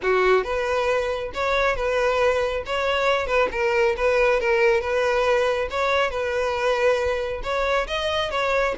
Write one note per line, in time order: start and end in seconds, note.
0.02 0.44 F#4
0.44 1.31 B4
1.34 1.76 C#5
1.76 2.63 B4
2.66 3.26 C#5
3.26 3.48 B4
3.51 3.95 A#4
3.96 4.40 B4
4.40 4.80 A#4
4.80 5.68 B4
5.70 6.10 C#5
6.10 7.41 B4
7.43 7.87 C#5
7.87 8.31 D#5
8.31 8.74 C#5